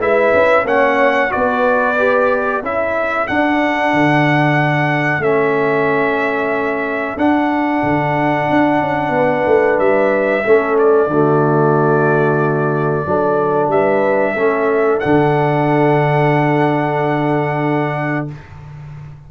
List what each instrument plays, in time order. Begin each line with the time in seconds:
0.00 tuba G#3, trombone E4, horn B4, trumpet E5
0.33 tuba C#4
0.64 tuba A#3, trombone C#4, horn C#5, trumpet F#5
1.30 tuba B3, trombone F#4, horn B4, trumpet D5
1.99 trombone G4
2.62 tuba C#4, trombone E4, horn A4, trumpet E5
3.27 trombone D4, tuba D4, trumpet F#5
3.93 tuba D3
5.19 tuba A3, trombone C#4, trumpet E5
7.17 tuba D4, trombone D4, trumpet F#5
7.83 tuba D3
8.50 tuba D4
8.80 tuba C#4
9.09 tuba B3
9.16 horn B4
9.46 tuba A3
9.79 tuba G3, trumpet E5
10.44 tuba A3, trombone C#4, horn A4
10.79 trumpet D5
11.07 tuba D3, trombone A3, horn F#4
13.06 tuba F#3, trombone D4, horn A4
13.68 tuba G3, horn B4, trumpet E5
14.34 tuba A3, trombone C#4, horn A4
15.00 tuba D3, trombone D4, trumpet F#5